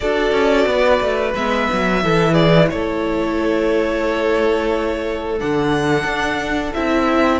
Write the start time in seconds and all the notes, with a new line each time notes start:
0.00 D4 F#4 A4 D5
0.32 C#4
0.66 B3 B4
1.00 A3
1.34 G#3 B3 E5
1.72 F#3
2.02 E3 E4 A4
2.32 G#4 D5
2.69 A3 A4 C#5
5.38 D3 D4 F#5
6.04 D4
6.73 C4 E4 E5